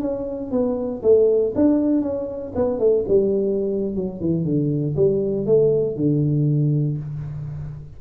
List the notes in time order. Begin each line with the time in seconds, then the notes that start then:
0.00 C#4
0.51 B3
1.02 A3
1.55 D4
2.01 C#4
2.55 B3
2.79 A3
3.08 G3
3.95 F#3
4.20 E3
4.44 D3
4.96 G3
5.46 A3
5.96 D3